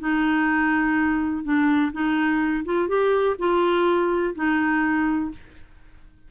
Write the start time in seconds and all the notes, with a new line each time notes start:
0.00 D#4
1.44 D4
1.93 D#4
2.65 F4
2.88 G4
3.39 F4
4.35 D#4